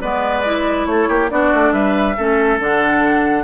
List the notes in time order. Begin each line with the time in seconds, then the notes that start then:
0.00 G#3 B3 B4 D5
0.44 E4
0.86 A3 A4 C#5
1.08 A#3 G4
1.29 B3 D4 F#4 D5
1.53 A3
1.72 G3 B4 E5
2.16 A3 C#4 A4
2.59 D3 D4 F#5